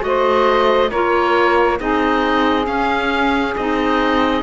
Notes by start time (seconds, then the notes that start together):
0.00 A3 F#4 D#5
0.06 C5
0.90 A#3 F4 A#4 C#5
1.79 C4 D#4 G#4 D#5
2.65 C#4 F5
3.56 C4 D#4 D#5